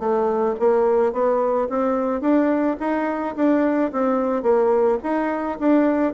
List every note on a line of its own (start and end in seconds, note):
0.00 0.56 A3
0.60 1.13 A#3
1.13 1.68 B3
1.70 2.21 C4
2.21 2.77 D4
2.80 3.36 D#4
3.36 3.92 D4
3.93 4.43 C4
4.43 4.98 A#3
5.03 5.59 D#4
5.60 6.14 D4